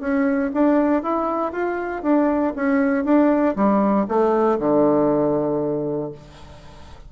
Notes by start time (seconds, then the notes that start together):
0.00 C#4
0.53 D4
1.02 E4
1.52 F4
2.02 D4
2.55 C#4
3.04 D4
3.55 G3
4.08 A3
4.59 D3